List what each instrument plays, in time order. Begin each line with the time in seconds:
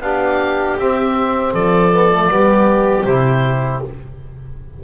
0.00 double bass B3, trombone D4, violin G4, oboe F5
0.77 double bass C4, trombone C4, oboe E5
1.53 double bass F3, violin A4, oboe D5
1.92 trombone B3
2.11 trombone A3
2.29 double bass G3, trombone B3, violin G4
3.05 double bass C3, trombone E4, oboe C5